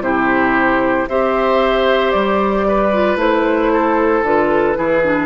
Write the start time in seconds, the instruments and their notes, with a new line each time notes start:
0.00 bassoon C3, clarinet E4, oboe G4, flute C5
1.08 bassoon C4, clarinet G4, oboe C5, flute E5
2.11 bassoon G3, flute D5
2.67 oboe B4
2.93 clarinet F4
3.16 bassoon A3, clarinet E4, flute C5
3.73 oboe A4
4.22 bassoon D3, clarinet F4, flute B4
4.75 bassoon E3, clarinet E4, oboe G#4
5.04 clarinet D4